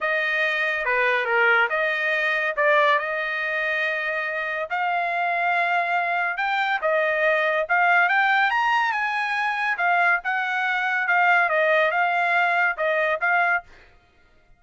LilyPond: \new Staff \with { instrumentName = "trumpet" } { \time 4/4 \tempo 4 = 141 dis''2 b'4 ais'4 | dis''2 d''4 dis''4~ | dis''2. f''4~ | f''2. g''4 |
dis''2 f''4 g''4 | ais''4 gis''2 f''4 | fis''2 f''4 dis''4 | f''2 dis''4 f''4 | }